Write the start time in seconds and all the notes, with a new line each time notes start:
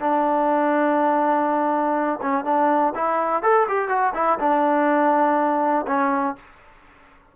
0.00 D4
2.22 C#4
2.44 D4
2.95 E4
3.43 A4
3.68 G4
3.89 F#4
4.14 E4
4.39 D4
5.87 C#4